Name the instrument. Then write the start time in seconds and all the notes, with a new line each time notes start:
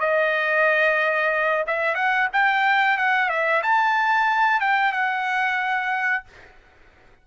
trumpet
0.00 D#5
1.67 E5
1.95 F#5
2.33 G5
2.98 F#5
3.29 E5
3.63 A5
4.61 G5
4.93 F#5